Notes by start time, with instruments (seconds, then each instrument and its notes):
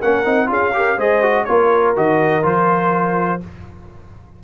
0.00 tuba A#3, trombone C#4, horn A#4, trumpet F#5
0.26 tuba C4, trombone D#4
0.47 tuba C#4, trombone F4, horn G#4, trumpet F5
0.74 trombone G4, horn A#4
0.98 tuba G#3, trombone G#4, horn C5, trumpet D#5
1.23 trombone F#4
1.45 tuba A#3, trombone F4, horn A#4, trumpet C#5
1.96 tuba D#3, trombone F#4, trumpet D#5
2.43 tuba F3, trombone F4, trumpet C5